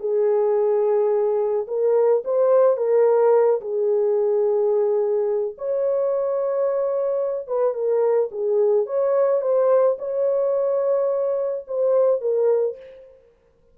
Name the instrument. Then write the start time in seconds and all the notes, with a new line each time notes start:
horn
0.00 G#4
1.67 A#4
2.24 C5
2.77 A#4
3.61 G#4
5.58 C#5
7.47 B4
7.74 A#4
8.32 G#4
8.86 C#5
9.41 C5
9.99 C#5
11.67 C5
12.21 A#4